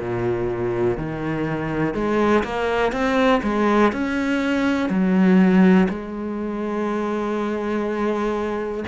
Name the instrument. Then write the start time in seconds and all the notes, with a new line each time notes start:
cello
0.00 A#2
0.97 D#3
1.94 G#3
2.44 A#3
2.92 C4
3.43 G#3
3.92 C#4
4.90 F#3
5.89 G#3